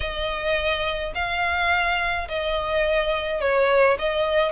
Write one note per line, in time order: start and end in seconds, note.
0.00 1.12 D#5
1.14 2.27 F5
2.28 3.40 D#5
3.40 3.97 C#5
3.99 4.52 D#5